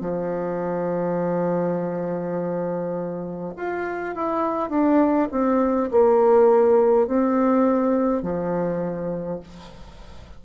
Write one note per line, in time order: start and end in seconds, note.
0.00 3.53 F3
3.56 4.15 F4
4.15 4.69 E4
4.69 5.28 D4
5.31 5.90 C4
5.91 7.07 A#3
7.07 8.22 C4
8.22 9.40 F3